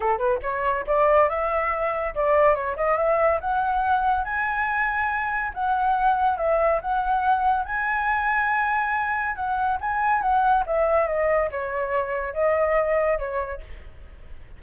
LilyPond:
\new Staff \with { instrumentName = "flute" } { \time 4/4 \tempo 4 = 141 a'8 b'8 cis''4 d''4 e''4~ | e''4 d''4 cis''8 dis''8 e''4 | fis''2 gis''2~ | gis''4 fis''2 e''4 |
fis''2 gis''2~ | gis''2 fis''4 gis''4 | fis''4 e''4 dis''4 cis''4~ | cis''4 dis''2 cis''4 | }